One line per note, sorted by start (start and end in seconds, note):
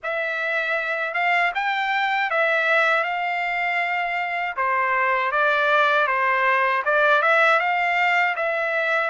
0.03 1.14 E5
1.14 1.52 F5
1.54 2.30 G5
2.30 3.03 E5
3.03 4.55 F5
4.56 5.31 C5
5.31 6.07 D5
6.07 6.83 C5
6.85 7.22 D5
7.22 7.59 E5
7.59 8.35 F5
8.35 9.10 E5